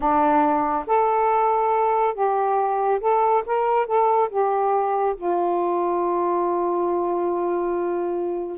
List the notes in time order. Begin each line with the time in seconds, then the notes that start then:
0.00 D4
0.86 A4
2.14 G4
3.00 A4
3.46 A#4
3.86 A4
4.29 G4
5.16 F4